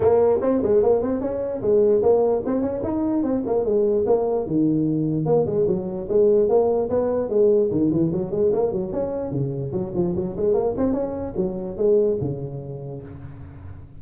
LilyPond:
\new Staff \with { instrumentName = "tuba" } { \time 4/4 \tempo 4 = 148 ais4 c'8 gis8 ais8 c'8 cis'4 | gis4 ais4 c'8 cis'8 dis'4 | c'8 ais8 gis4 ais4 dis4~ | dis4 ais8 gis8 fis4 gis4 |
ais4 b4 gis4 dis8 e8 | fis8 gis8 ais8 fis8 cis'4 cis4 | fis8 f8 fis8 gis8 ais8 c'8 cis'4 | fis4 gis4 cis2 | }